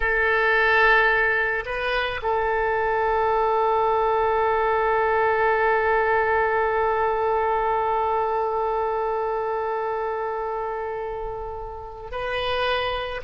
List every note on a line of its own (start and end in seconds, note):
0.00 1.64 A4
1.65 2.20 B4
2.22 12.11 A4
12.11 13.21 B4